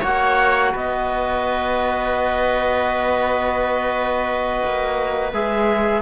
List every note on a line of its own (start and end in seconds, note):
0.00 0.74 A#3
0.00 0.71 C#5
0.00 0.73 F#5
0.06 5.34 F#4
0.72 4.63 B3
0.72 6.01 B4
0.72 5.33 D#5
4.64 5.33 A#3
5.33 6.02 G#3
5.33 6.02 G#4
5.33 6.02 E5